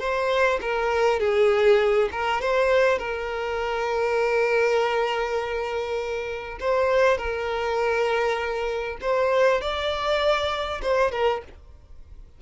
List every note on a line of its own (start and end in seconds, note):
0.00 0.60 C5
0.62 1.20 A#4
1.20 2.10 G#4
2.12 2.42 A#4
2.42 2.99 C5
2.99 6.59 A#4
6.61 7.18 C5
7.18 8.98 A#4
9.02 9.61 C5
9.61 10.81 D5
10.82 11.12 C5
11.12 11.42 A#4